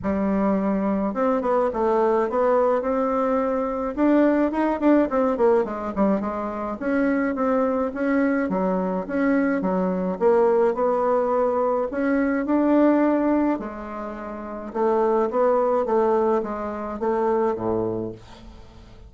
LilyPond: \new Staff \with { instrumentName = "bassoon" } { \time 4/4 \tempo 4 = 106 g2 c'8 b8 a4 | b4 c'2 d'4 | dis'8 d'8 c'8 ais8 gis8 g8 gis4 | cis'4 c'4 cis'4 fis4 |
cis'4 fis4 ais4 b4~ | b4 cis'4 d'2 | gis2 a4 b4 | a4 gis4 a4 a,4 | }